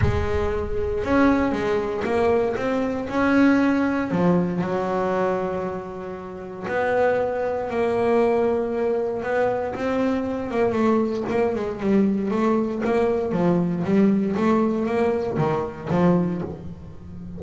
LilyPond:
\new Staff \with { instrumentName = "double bass" } { \time 4/4 \tempo 4 = 117 gis2 cis'4 gis4 | ais4 c'4 cis'2 | f4 fis2.~ | fis4 b2 ais4~ |
ais2 b4 c'4~ | c'8 ais8 a4 ais8 gis8 g4 | a4 ais4 f4 g4 | a4 ais4 dis4 f4 | }